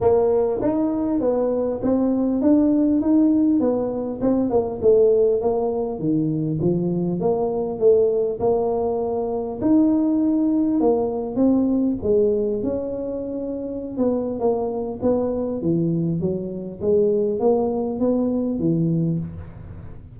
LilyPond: \new Staff \with { instrumentName = "tuba" } { \time 4/4 \tempo 4 = 100 ais4 dis'4 b4 c'4 | d'4 dis'4 b4 c'8 ais8 | a4 ais4 dis4 f4 | ais4 a4 ais2 |
dis'2 ais4 c'4 | gis4 cis'2~ cis'16 b8. | ais4 b4 e4 fis4 | gis4 ais4 b4 e4 | }